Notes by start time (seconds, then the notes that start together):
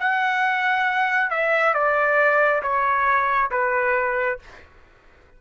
0.00 F#5
1.31 E5
1.74 D5
2.63 C#5
3.51 B4